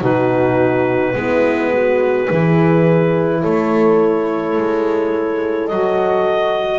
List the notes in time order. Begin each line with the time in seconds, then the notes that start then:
0.00 B2 D#4 F#4 B4
1.14 G#3 B3 E4
1.73 F#4
2.30 E3 E4 G#4
3.42 A3 A4 C#5
4.58 G#3
5.67 F#3 F#4 D#5